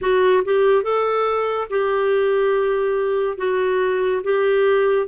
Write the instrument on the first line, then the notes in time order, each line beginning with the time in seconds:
clarinet
0.01 F#4
0.45 G4
0.83 A4
1.69 G4
3.37 F#4
4.23 G4